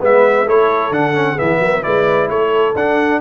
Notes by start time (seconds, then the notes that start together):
0.00 G#3 B3 B4 E5
0.45 A3 E4 A4 C#5
0.91 D3 D4 F#5
1.14 C#4
1.33 B3 G#4 E5
1.41 E3
1.60 F#3 A#4
1.82 G#3 E4 B4 D5
2.29 A3 A4 C#5
2.75 D4 F#5